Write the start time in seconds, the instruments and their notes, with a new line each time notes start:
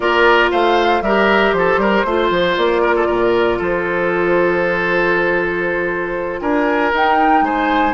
0.00 bassoon A#3, clarinet F4, oboe A#4, flute D5
0.51 bassoon A3, oboe C5, flute F5
1.01 bassoon G3, clarinet G4, oboe A#4, flute E5
1.52 bassoon F3, oboe A4, flute C5
1.77 bassoon G3, oboe A#4
2.04 bassoon A3, clarinet F4, oboe C5
2.30 bassoon F3
2.57 bassoon A#3, flute D5
2.82 oboe A#4
2.96 oboe A4
3.06 bassoon A#2, oboe A#4
3.58 bassoon F3, oboe A4, flute C5
6.40 bassoon D4, oboe A#4, flute G#5
6.93 bassoon D#4, clarinet D#4, flute G5
7.41 bassoon G#3, oboe C5, flute G#5